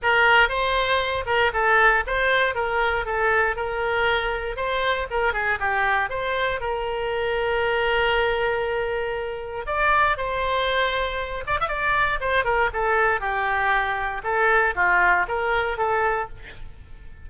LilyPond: \new Staff \with { instrumentName = "oboe" } { \time 4/4 \tempo 4 = 118 ais'4 c''4. ais'8 a'4 | c''4 ais'4 a'4 ais'4~ | ais'4 c''4 ais'8 gis'8 g'4 | c''4 ais'2.~ |
ais'2. d''4 | c''2~ c''8 d''16 e''16 d''4 | c''8 ais'8 a'4 g'2 | a'4 f'4 ais'4 a'4 | }